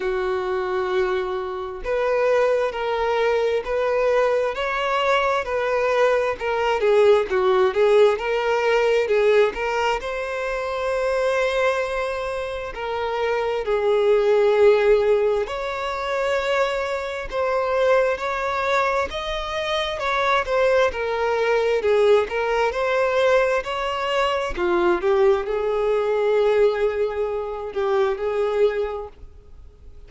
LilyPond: \new Staff \with { instrumentName = "violin" } { \time 4/4 \tempo 4 = 66 fis'2 b'4 ais'4 | b'4 cis''4 b'4 ais'8 gis'8 | fis'8 gis'8 ais'4 gis'8 ais'8 c''4~ | c''2 ais'4 gis'4~ |
gis'4 cis''2 c''4 | cis''4 dis''4 cis''8 c''8 ais'4 | gis'8 ais'8 c''4 cis''4 f'8 g'8 | gis'2~ gis'8 g'8 gis'4 | }